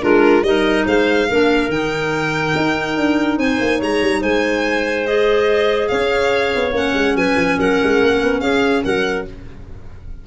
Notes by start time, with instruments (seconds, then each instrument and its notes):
0.00 tuba G#3, clarinet D4 F4, violin A#4
0.43 tuba G3, clarinet D#4 A#4, violin D#5
0.86 tuba G#3, clarinet C5, violin F5
1.29 tuba A#3, clarinet D4 A#4
1.69 tuba D#3, clarinet D#4, violin G5
2.56 tuba D#4
2.97 tuba D4
3.38 tuba C4, clarinet C5, violin G#5
3.60 tuba A#3
3.79 tuba G#3, clarinet C#5, violin A#5
4.02 tuba G3
4.21 tuba G#3, clarinet C5, violin G#5
5.06 clarinet G#4, violin D#5
5.88 tuba C#4, clarinet C#5, violin F5
6.55 tuba B3
6.72 tuba A#3, clarinet C#4, violin F#5
6.94 tuba G#3
7.15 tuba F#3, clarinet B4, violin G#5
7.36 tuba F3
7.58 tuba F#3, clarinet A#4, violin F#5
7.84 tuba G#3
8.02 tuba A#3
8.21 tuba B3
8.40 tuba C#4, clarinet G#4, violin F5
8.83 tuba F#3, clarinet A#4, violin F#5